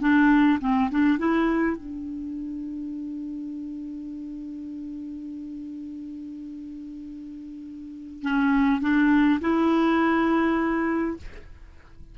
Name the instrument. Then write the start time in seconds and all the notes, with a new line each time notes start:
clarinet
0.00 D4
0.60 C4
0.90 D4
1.18 E4
1.77 D4
8.22 C#4
8.80 D4
9.40 E4